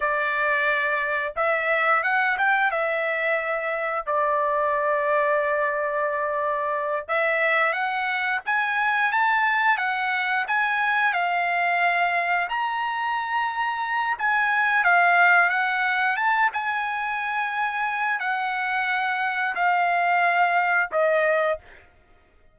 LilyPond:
\new Staff \with { instrumentName = "trumpet" } { \time 4/4 \tempo 4 = 89 d''2 e''4 fis''8 g''8 | e''2 d''2~ | d''2~ d''8 e''4 fis''8~ | fis''8 gis''4 a''4 fis''4 gis''8~ |
gis''8 f''2 ais''4.~ | ais''4 gis''4 f''4 fis''4 | a''8 gis''2~ gis''8 fis''4~ | fis''4 f''2 dis''4 | }